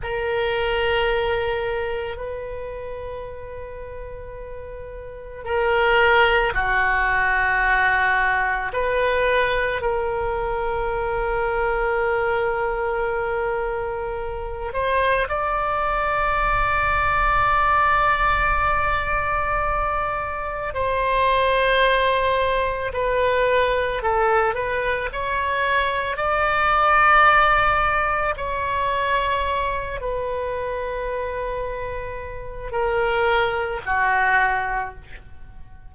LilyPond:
\new Staff \with { instrumentName = "oboe" } { \time 4/4 \tempo 4 = 55 ais'2 b'2~ | b'4 ais'4 fis'2 | b'4 ais'2.~ | ais'4. c''8 d''2~ |
d''2. c''4~ | c''4 b'4 a'8 b'8 cis''4 | d''2 cis''4. b'8~ | b'2 ais'4 fis'4 | }